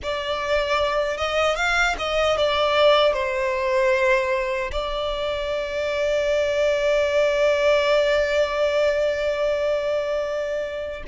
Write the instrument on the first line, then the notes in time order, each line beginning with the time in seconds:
violin
0.03 D5
1.17 D#5
1.56 F5
1.98 D#5
2.37 D5
3.13 C5
4.72 D5